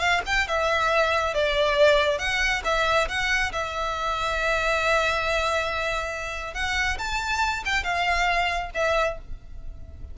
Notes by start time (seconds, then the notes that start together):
0.00 F5
0.26 G5
0.48 E5
1.34 D5
2.19 F#5
2.65 E5
3.09 F#5
3.53 E5
6.55 F#5
6.99 A5
7.66 G5
7.84 F5
8.75 E5